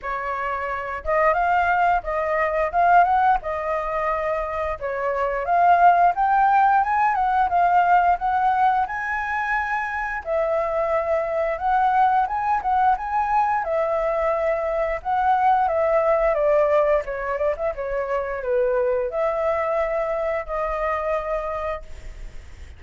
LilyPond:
\new Staff \with { instrumentName = "flute" } { \time 4/4 \tempo 4 = 88 cis''4. dis''8 f''4 dis''4 | f''8 fis''8 dis''2 cis''4 | f''4 g''4 gis''8 fis''8 f''4 | fis''4 gis''2 e''4~ |
e''4 fis''4 gis''8 fis''8 gis''4 | e''2 fis''4 e''4 | d''4 cis''8 d''16 e''16 cis''4 b'4 | e''2 dis''2 | }